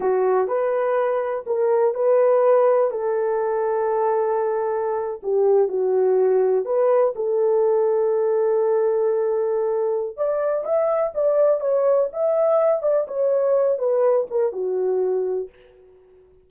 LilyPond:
\new Staff \with { instrumentName = "horn" } { \time 4/4 \tempo 4 = 124 fis'4 b'2 ais'4 | b'2 a'2~ | a'2~ a'8. g'4 fis'16~ | fis'4.~ fis'16 b'4 a'4~ a'16~ |
a'1~ | a'4 d''4 e''4 d''4 | cis''4 e''4. d''8 cis''4~ | cis''8 b'4 ais'8 fis'2 | }